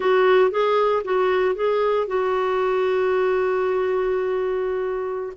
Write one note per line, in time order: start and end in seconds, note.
0.00 0.50 F#4
0.50 1.02 G#4
1.04 1.55 F#4
1.55 2.07 G#4
2.07 5.33 F#4